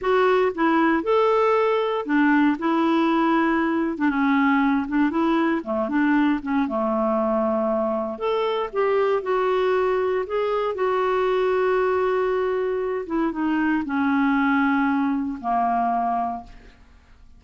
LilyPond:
\new Staff \with { instrumentName = "clarinet" } { \time 4/4 \tempo 4 = 117 fis'4 e'4 a'2 | d'4 e'2~ e'8. d'16 | cis'4. d'8 e'4 a8 d'8~ | d'8 cis'8 a2. |
a'4 g'4 fis'2 | gis'4 fis'2.~ | fis'4. e'8 dis'4 cis'4~ | cis'2 ais2 | }